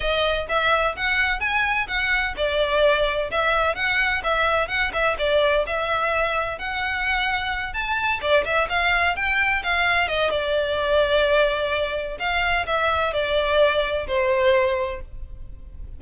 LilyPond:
\new Staff \with { instrumentName = "violin" } { \time 4/4 \tempo 4 = 128 dis''4 e''4 fis''4 gis''4 | fis''4 d''2 e''4 | fis''4 e''4 fis''8 e''8 d''4 | e''2 fis''2~ |
fis''8 a''4 d''8 e''8 f''4 g''8~ | g''8 f''4 dis''8 d''2~ | d''2 f''4 e''4 | d''2 c''2 | }